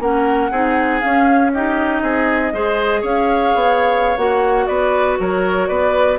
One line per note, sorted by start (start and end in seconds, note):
0.00 0.50 A#3
0.00 0.52 C#4
0.00 0.51 A#4
0.00 1.01 F#5
0.51 1.02 C4
0.51 1.02 D#4
0.51 1.52 G#4
1.01 1.53 C#4
1.01 2.02 C#4
1.01 1.51 F5
1.53 2.54 D#4
1.53 2.03 G4
1.53 3.05 D#5
2.02 2.53 C4
2.02 2.53 G#4
2.53 3.03 G#3
2.53 4.18 G#4
2.53 3.02 C5
3.02 3.54 C#4
3.02 4.66 C#5
3.02 4.18 F5
3.55 4.18 B3
4.18 4.68 A#3
4.18 6.20 F#4
4.18 4.67 F#5
4.67 5.19 B3
4.67 5.19 B4
4.67 5.17 D5
5.20 5.70 F#3
5.20 5.69 A#4
5.20 5.68 C#5
5.68 6.20 B3
5.68 6.20 B4
5.68 6.18 D5